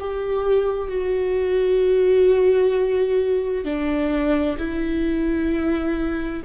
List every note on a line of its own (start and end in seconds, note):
0.00 0.88 G4
0.88 3.65 F#4
3.65 4.57 D4
4.58 6.43 E4